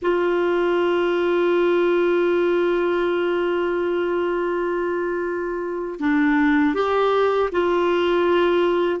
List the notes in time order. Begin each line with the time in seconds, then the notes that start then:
0.01 F4
5.99 D4
6.74 G4
7.51 F4